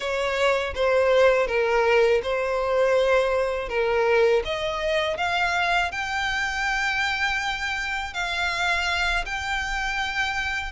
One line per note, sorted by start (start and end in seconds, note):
0.00 0.74 C#5
0.74 1.47 C5
1.47 2.21 A#4
2.22 3.68 C5
3.68 4.42 A#4
4.44 5.17 D#5
5.17 5.91 F5
5.91 8.13 G5
8.13 9.24 F5
9.25 10.71 G5